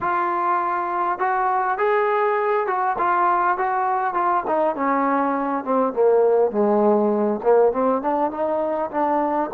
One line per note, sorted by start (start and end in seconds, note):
0.01 1.19 F4
1.19 1.77 F#4
1.77 2.67 G#4
2.67 2.96 F#4
2.98 3.57 F4
3.57 4.13 F#4
4.13 4.43 F4
4.47 4.75 D#4
4.75 5.64 C#4
5.64 5.93 C4
5.93 6.51 A#3
6.51 7.40 G#3
7.43 7.72 A#3
7.72 8.02 C4
8.02 8.30 D4
8.30 8.90 D#4
8.91 9.50 D4